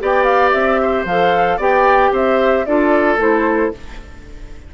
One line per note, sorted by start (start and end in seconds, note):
0.00 0.53 B3
0.00 1.06 G4
0.00 0.81 D5
0.00 0.24 G5
0.24 0.50 F5
0.51 1.05 C4
0.51 1.04 E5
0.82 1.57 C5
1.05 1.58 F3
1.05 1.60 A4
1.05 1.59 F5
1.57 2.11 B3
1.57 2.66 G4
1.57 2.10 D5
1.57 2.14 G5
2.12 2.65 C4
2.12 2.65 C5
2.12 2.65 E5
2.65 3.17 D4
2.65 3.19 F4
2.65 3.74 A4
2.65 3.18 D5
3.17 3.70 A3
3.17 3.72 E4
3.17 3.74 C5